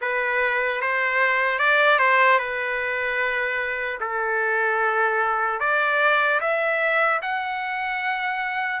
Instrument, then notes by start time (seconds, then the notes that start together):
trumpet
0.01 B4
0.81 C5
1.59 D5
1.99 C5
2.38 B4
4.00 A4
5.60 D5
6.40 E5
7.21 F#5